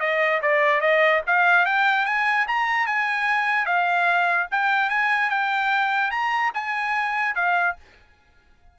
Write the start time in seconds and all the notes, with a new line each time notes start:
0.00 D#5
0.42 D5
0.81 D#5
1.27 F5
1.65 G5
2.06 G#5
2.47 A#5
2.86 G#5
3.65 F5
4.51 G5
4.90 G#5
5.30 G5
6.11 A#5
6.54 G#5
7.35 F5